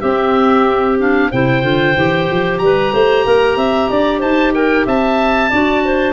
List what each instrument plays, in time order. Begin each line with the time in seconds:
0.00 tuba C4, clarinet C4 G4, oboe E5
0.99 clarinet D4, oboe F5
1.31 tuba C3, clarinet E4 C5, oboe G5
1.62 tuba D3, clarinet F4
1.96 tuba E3, clarinet G4
2.30 tuba F3
2.58 tuba G3, clarinet B4, oboe A#5
2.92 tuba A3, clarinet C5
3.25 tuba A#3, clarinet A#4
3.56 tuba C4, clarinet E5
3.89 tuba D4, clarinet D5
4.19 tuba D#4, clarinet C5, oboe A5
4.54 clarinet A#4, oboe G5
4.85 tuba C4, clarinet E5, oboe A5
5.49 tuba D4, clarinet F#4 D5
5.84 clarinet C5